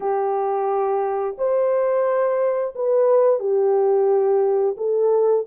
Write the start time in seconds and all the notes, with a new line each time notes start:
0.00 G4
1.38 C5
2.75 B4
3.39 G4
4.77 A4